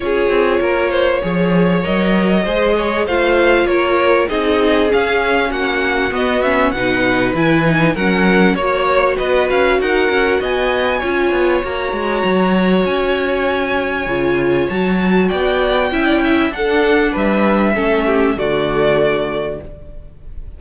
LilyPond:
<<
  \new Staff \with { instrumentName = "violin" } { \time 4/4 \tempo 4 = 98 cis''2. dis''4~ | dis''4 f''4 cis''4 dis''4 | f''4 fis''4 dis''8 e''8 fis''4 | gis''4 fis''4 cis''4 dis''8 f''8 |
fis''4 gis''2 ais''4~ | ais''4 gis''2. | a''4 g''2 fis''4 | e''2 d''2 | }
  \new Staff \with { instrumentName = "violin" } { \time 4/4 gis'4 ais'8 c''8 cis''2 | c''8 cis''8 c''4 ais'4 gis'4~ | gis'4 fis'2 b'4~ | b'4 ais'4 cis''4 b'4 |
ais'4 dis''4 cis''2~ | cis''1~ | cis''4 d''4 e''16 d''16 e''8 a'4 | b'4 a'8 g'8 fis'2 | }
  \new Staff \with { instrumentName = "viola" } { \time 4/4 f'2 gis'4 ais'4 | gis'4 f'2 dis'4 | cis'2 b8 cis'8 dis'4 | e'8 dis'8 cis'4 fis'2~ |
fis'2 f'4 fis'4~ | fis'2. f'4 | fis'2 e'4 d'4~ | d'4 cis'4 a2 | }
  \new Staff \with { instrumentName = "cello" } { \time 4/4 cis'8 c'8 ais4 f4 fis4 | gis4 a4 ais4 c'4 | cis'4 ais4 b4 b,4 | e4 fis4 ais4 b8 cis'8 |
dis'8 cis'8 b4 cis'8 b8 ais8 gis8 | fis4 cis'2 cis4 | fis4 b4 cis'4 d'4 | g4 a4 d2 | }
>>